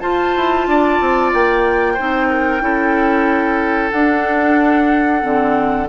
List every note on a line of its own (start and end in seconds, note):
0.00 1.96 F4
0.00 0.35 F4
0.00 0.67 C5
0.00 1.31 A5
0.36 0.67 E4
0.67 1.00 D4
0.67 1.93 D5
1.00 1.33 C4
1.33 1.98 A#3
1.33 3.91 G5
1.93 2.60 D#4
1.93 2.26 C5
2.00 2.61 C4
2.29 2.62 A#4
2.60 3.91 C#4
2.60 3.91 E4
2.60 5.89 A4
3.91 5.23 D4
3.91 5.21 D4
3.91 5.87 F#5
5.21 5.89 D3
5.21 5.87 C4